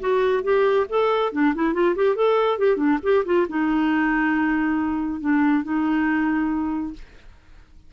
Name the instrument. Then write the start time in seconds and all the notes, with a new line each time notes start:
clarinet
0.00 F#4
0.43 G4
0.89 A4
1.32 D4
1.55 E4
1.74 F4
1.96 G4
2.16 A4
2.58 G4
2.77 D4
3.03 G4
3.26 F4
3.49 D#4
5.21 D4
5.64 D#4